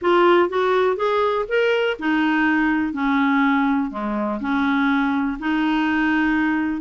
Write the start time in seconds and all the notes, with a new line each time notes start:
0.01 F4
0.49 F#4
0.96 G#4
1.48 A#4
1.99 D#4
2.93 C#4
3.90 G#3
4.40 C#4
5.39 D#4